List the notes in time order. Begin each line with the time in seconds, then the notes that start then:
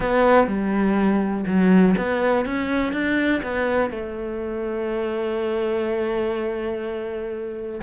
0.00 B3
0.47 G3
1.46 F#3
1.97 B3
2.45 C#4
2.92 D4
3.42 B3
3.90 A3